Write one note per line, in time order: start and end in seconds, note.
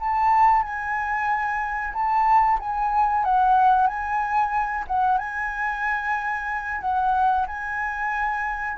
0.00 0.63 A5
0.63 1.93 G#5
1.94 2.59 A5
2.59 3.24 G#5
3.24 3.87 F#5
3.87 4.85 G#5
4.88 5.18 F#5
5.18 6.81 G#5
6.81 7.46 F#5
7.47 8.78 G#5